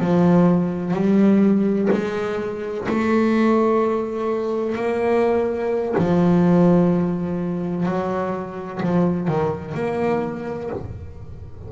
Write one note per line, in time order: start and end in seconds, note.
0.00 0.94 F3
0.94 1.89 G3
1.92 2.87 G#3
2.88 4.75 A3
4.75 5.94 A#3
5.98 7.86 F3
7.86 8.81 F#3
8.83 9.28 F3
9.28 9.74 D#3
9.74 10.70 A#3